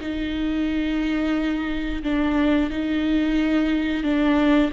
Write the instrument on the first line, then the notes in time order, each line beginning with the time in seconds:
viola
0.00 D#4
2.03 D4
2.70 D#4
4.03 D4